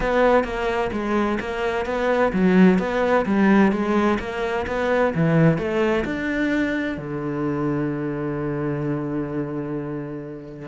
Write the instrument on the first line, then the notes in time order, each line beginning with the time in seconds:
cello
0.00 B3
0.44 A#3
0.92 G#3
1.40 A#3
1.85 B3
2.33 F#3
2.78 B3
3.25 G3
3.71 G#3
4.19 A#3
4.67 B3
5.15 E3
5.58 A3
6.04 D4
6.97 D3